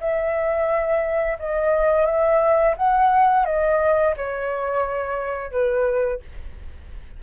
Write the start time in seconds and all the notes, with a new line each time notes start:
0.00 E5
1.39 D#5
2.06 E5
2.76 F#5
3.46 D#5
4.17 C#5
5.51 B4